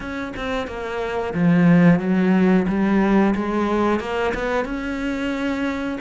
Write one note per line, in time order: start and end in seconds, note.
0.00 0.33 C#4
0.36 0.67 C4
0.67 1.33 A#3
1.34 1.99 F3
1.99 2.66 F#3
2.68 3.34 G3
3.35 4.00 G#3
4.00 4.33 A#3
4.34 4.65 B3
4.65 5.98 C#4